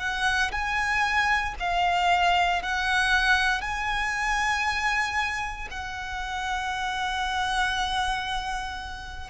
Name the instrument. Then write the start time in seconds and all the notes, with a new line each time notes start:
violin
0.00 F#5
0.52 G#5
1.60 F5
2.62 F#5
3.62 G#5
5.71 F#5